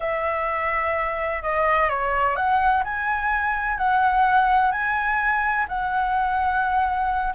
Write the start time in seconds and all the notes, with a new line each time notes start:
0.00 E5
1.42 D#5
1.89 C#5
2.36 F#5
2.84 G#5
3.77 F#5
4.71 G#5
5.68 F#5